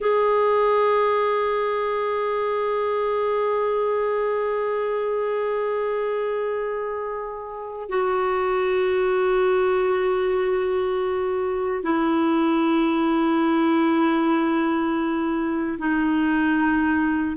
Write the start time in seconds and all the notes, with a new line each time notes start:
0.00 G#4
7.89 F#4
11.83 E4
15.78 D#4